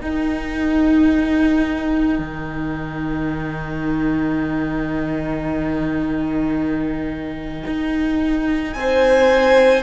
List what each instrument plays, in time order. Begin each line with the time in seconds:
0.00 cello D#4, viola D#4, violin A#4 G5
2.18 cello D#3
7.67 cello D#4
8.73 cello C4, violin C5 G#5